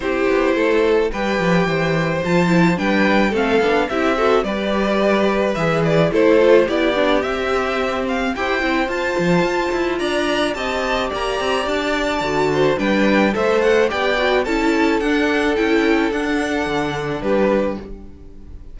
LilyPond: <<
  \new Staff \with { instrumentName = "violin" } { \time 4/4 \tempo 4 = 108 c''2 g''2 | a''4 g''4 f''4 e''4 | d''2 e''8 d''8 c''4 | d''4 e''4. f''8 g''4 |
a''2 ais''4 a''4 | ais''4 a''2 g''4 | e''8 fis''8 g''4 a''4 fis''4 | g''4 fis''2 b'4 | }
  \new Staff \with { instrumentName = "violin" } { \time 4/4 g'4 a'4 b'4 c''4~ | c''4 b'4 a'4 g'8 a'8 | b'2. a'4 | g'2. c''4~ |
c''2 d''4 dis''4 | d''2~ d''8 c''8 b'4 | c''4 d''4 a'2~ | a'2. g'4 | }
  \new Staff \with { instrumentName = "viola" } { \time 4/4 e'2 g'2 | f'8 e'8 d'4 c'8 d'8 e'8 fis'8 | g'2 gis'4 e'8 f'8 | e'8 d'8 c'2 g'8 e'8 |
f'2. g'4~ | g'2 fis'4 d'4 | a'4 g'8 fis'8 e'4 d'4 | e'4 d'2. | }
  \new Staff \with { instrumentName = "cello" } { \time 4/4 c'8 b8 a4 g8 f8 e4 | f4 g4 a8 b8 c'4 | g2 e4 a4 | b4 c'2 e'8 c'8 |
f'8 f8 f'8 e'8 d'4 c'4 | ais8 c'8 d'4 d4 g4 | a4 b4 cis'4 d'4 | cis'4 d'4 d4 g4 | }
>>